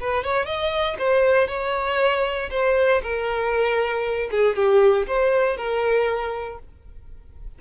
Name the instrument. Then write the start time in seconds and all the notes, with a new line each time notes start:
violin
0.00 B4
0.23 C#5
0.46 D#5
0.98 C5
1.48 C#5
2.51 C5
3.02 A#4
4.31 G#4
4.56 G4
5.07 C5
5.57 A#4